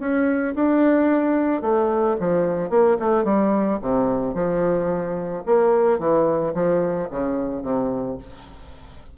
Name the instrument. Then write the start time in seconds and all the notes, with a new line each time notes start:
bassoon
0.00 C#4
0.55 D4
1.62 A3
2.20 F3
2.70 A#3
3.00 A3
3.24 G3
3.82 C3
4.35 F3
5.46 A#3
5.99 E3
6.55 F3
7.11 C#3
7.63 C3